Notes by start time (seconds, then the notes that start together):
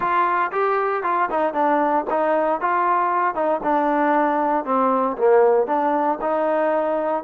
0.00 F4
0.51 G4
1.03 F4
1.30 D#4
1.53 D4
2.09 D#4
2.61 F4
3.34 D#4
3.63 D4
4.65 C4
5.17 A#3
5.67 D4
6.21 D#4